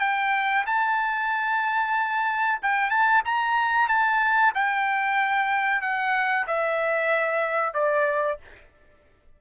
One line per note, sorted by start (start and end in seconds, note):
0.00 0.65 G5
0.66 2.60 A5
2.62 2.90 G5
2.90 3.22 A5
3.25 3.88 A#5
3.88 4.53 A5
4.55 5.82 G5
5.82 6.46 F#5
6.47 7.74 E5
7.74 8.38 D5